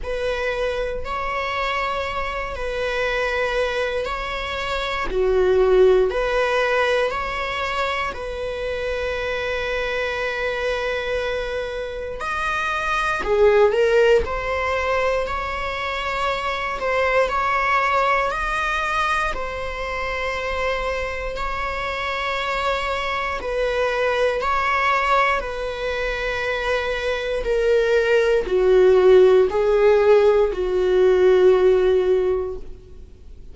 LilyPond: \new Staff \with { instrumentName = "viola" } { \time 4/4 \tempo 4 = 59 b'4 cis''4. b'4. | cis''4 fis'4 b'4 cis''4 | b'1 | dis''4 gis'8 ais'8 c''4 cis''4~ |
cis''8 c''8 cis''4 dis''4 c''4~ | c''4 cis''2 b'4 | cis''4 b'2 ais'4 | fis'4 gis'4 fis'2 | }